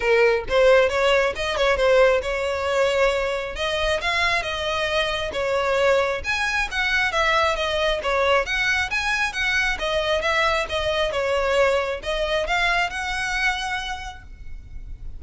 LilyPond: \new Staff \with { instrumentName = "violin" } { \time 4/4 \tempo 4 = 135 ais'4 c''4 cis''4 dis''8 cis''8 | c''4 cis''2. | dis''4 f''4 dis''2 | cis''2 gis''4 fis''4 |
e''4 dis''4 cis''4 fis''4 | gis''4 fis''4 dis''4 e''4 | dis''4 cis''2 dis''4 | f''4 fis''2. | }